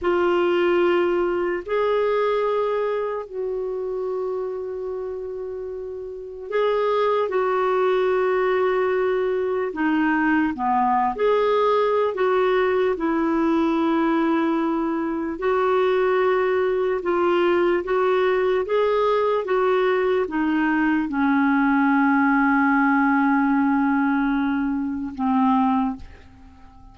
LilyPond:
\new Staff \with { instrumentName = "clarinet" } { \time 4/4 \tempo 4 = 74 f'2 gis'2 | fis'1 | gis'4 fis'2. | dis'4 b8. gis'4~ gis'16 fis'4 |
e'2. fis'4~ | fis'4 f'4 fis'4 gis'4 | fis'4 dis'4 cis'2~ | cis'2. c'4 | }